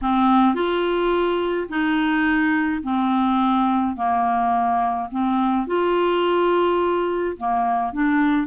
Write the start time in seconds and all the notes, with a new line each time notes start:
0.01 C4
0.55 F4
1.69 D#4
2.83 C4
3.96 A#3
5.11 C4
5.66 F4
7.37 A#3
7.92 D4